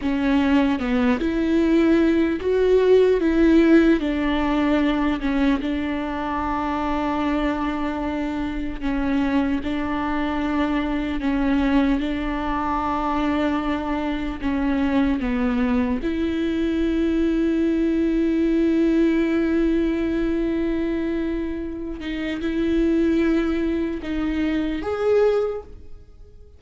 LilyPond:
\new Staff \with { instrumentName = "viola" } { \time 4/4 \tempo 4 = 75 cis'4 b8 e'4. fis'4 | e'4 d'4. cis'8 d'4~ | d'2. cis'4 | d'2 cis'4 d'4~ |
d'2 cis'4 b4 | e'1~ | e'2.~ e'8 dis'8 | e'2 dis'4 gis'4 | }